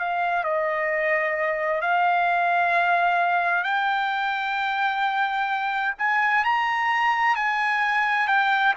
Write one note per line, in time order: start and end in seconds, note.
0.00 0.44 F5
0.44 1.82 D#5
1.82 3.64 F5
3.64 5.95 G5
5.99 6.45 G#5
6.45 7.36 A#5
7.36 8.28 G#5
8.28 8.74 G5